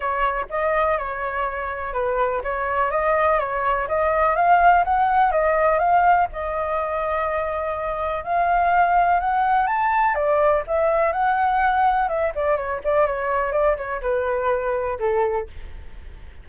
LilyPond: \new Staff \with { instrumentName = "flute" } { \time 4/4 \tempo 4 = 124 cis''4 dis''4 cis''2 | b'4 cis''4 dis''4 cis''4 | dis''4 f''4 fis''4 dis''4 | f''4 dis''2.~ |
dis''4 f''2 fis''4 | a''4 d''4 e''4 fis''4~ | fis''4 e''8 d''8 cis''8 d''8 cis''4 | d''8 cis''8 b'2 a'4 | }